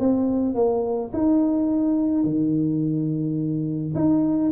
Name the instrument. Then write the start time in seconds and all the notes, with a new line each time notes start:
tuba
0.00 C4
0.55 A#3
1.13 D#4
2.24 D#3
3.95 D#4